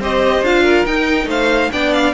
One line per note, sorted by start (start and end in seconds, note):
0.00 0.42 C4
0.00 0.45 G4
0.00 0.63 C5
0.00 0.45 D#5
0.42 0.85 D4
0.42 0.87 F4
0.42 0.86 F5
0.63 1.27 A#4
0.86 1.26 D#4
0.86 1.72 D#4
0.86 1.29 G5
1.26 1.68 A3
1.26 1.71 C5
1.26 1.72 F5
1.72 2.14 B3
1.72 2.14 D4
1.72 2.14 D5
1.72 1.93 G5
1.93 2.14 F5